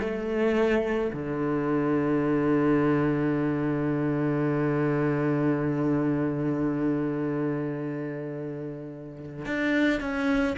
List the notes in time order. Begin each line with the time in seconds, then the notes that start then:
0.00 A3
1.13 D3
9.45 D4
10.01 C#4